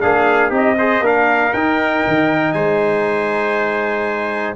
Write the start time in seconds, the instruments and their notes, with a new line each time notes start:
0.00 tuba A#3, trombone D4, trumpet G#4 F5
0.49 tuba C4, trombone D#4, trumpet G4
0.56 trumpet D#5
0.78 trombone G#4, trumpet C5
1.00 tuba A#3, trombone D4, trumpet A#4 F5
1.53 tuba D#4, trombone D#4, trumpet G5
2.07 tuba D#3
2.52 tuba G#3, trumpet C5 G#5